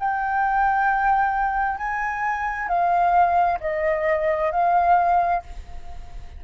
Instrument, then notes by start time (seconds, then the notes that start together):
flute
0.00 G5
1.78 G#5
2.69 F5
3.61 D#5
4.52 F5